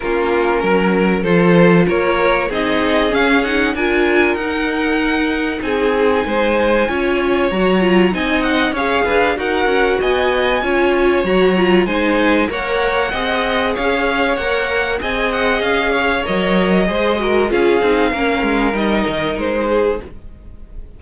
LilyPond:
<<
  \new Staff \with { instrumentName = "violin" } { \time 4/4 \tempo 4 = 96 ais'2 c''4 cis''4 | dis''4 f''8 fis''8 gis''4 fis''4~ | fis''4 gis''2. | ais''4 gis''8 fis''8 f''4 fis''4 |
gis''2 ais''4 gis''4 | fis''2 f''4 fis''4 | gis''8 fis''8 f''4 dis''2 | f''2 dis''4 c''4 | }
  \new Staff \with { instrumentName = "violin" } { \time 4/4 f'4 ais'4 a'4 ais'4 | gis'2 ais'2~ | ais'4 gis'4 c''4 cis''4~ | cis''4 dis''4 cis''8 b'8 ais'4 |
dis''4 cis''2 c''4 | cis''4 dis''4 cis''2 | dis''4. cis''4. c''8 ais'8 | gis'4 ais'2~ ais'8 gis'8 | }
  \new Staff \with { instrumentName = "viola" } { \time 4/4 cis'2 f'2 | dis'4 cis'8 dis'8 f'4 dis'4~ | dis'2. f'4 | fis'8 f'8 dis'4 gis'4 fis'4~ |
fis'4 f'4 fis'8 f'8 dis'4 | ais'4 gis'2 ais'4 | gis'2 ais'4 gis'8 fis'8 | f'8 dis'8 cis'4 dis'2 | }
  \new Staff \with { instrumentName = "cello" } { \time 4/4 ais4 fis4 f4 ais4 | c'4 cis'4 d'4 dis'4~ | dis'4 c'4 gis4 cis'4 | fis4 c'4 cis'8 d'8 dis'8 cis'8 |
b4 cis'4 fis4 gis4 | ais4 c'4 cis'4 ais4 | c'4 cis'4 fis4 gis4 | cis'8 c'8 ais8 gis8 g8 dis8 gis4 | }
>>